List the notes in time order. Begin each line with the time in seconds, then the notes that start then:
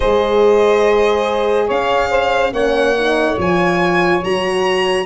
0.00 G#3 G#4 C5 D#5
1.66 C#4 C#5 F5
2.10 C5
2.52 A#3 C#4 C#5 F#5
2.97 D#4
3.37 F3 F4 G#5
4.24 F#3 F#4 A#5